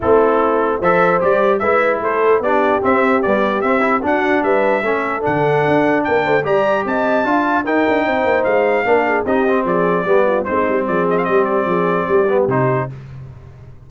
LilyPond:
<<
  \new Staff \with { instrumentName = "trumpet" } { \time 4/4 \tempo 4 = 149 a'2 e''4 d''4 | e''4 c''4 d''4 e''4 | d''4 e''4 fis''4 e''4~ | e''4 fis''2 g''4 |
ais''4 a''2 g''4~ | g''4 f''2 dis''4 | d''2 c''4 d''8 dis''16 f''16 | dis''8 d''2~ d''8 c''4 | }
  \new Staff \with { instrumentName = "horn" } { \time 4/4 e'2 c''2 | b'4 a'4 g'2~ | g'2 fis'4 b'4 | a'2. ais'8 c''8 |
d''4 dis''4 f''4 ais'4 | c''2 ais'8 gis'8 g'4 | gis'4 g'8 f'8 dis'4 gis'4 | g'4 gis'4 g'2 | }
  \new Staff \with { instrumentName = "trombone" } { \time 4/4 c'2 a'4 g'4 | e'2 d'4 c'4 | g4 c'8 e'8 d'2 | cis'4 d'2. |
g'2 f'4 dis'4~ | dis'2 d'4 dis'8 c'8~ | c'4 b4 c'2~ | c'2~ c'8 b8 dis'4 | }
  \new Staff \with { instrumentName = "tuba" } { \time 4/4 a2 f4 g4 | gis4 a4 b4 c'4 | b4 c'4 d'4 g4 | a4 d4 d'4 ais8 a8 |
g4 c'4 d'4 dis'8 d'8 | c'8 ais8 gis4 ais4 c'4 | f4 g4 gis8 g8 f4 | g4 f4 g4 c4 | }
>>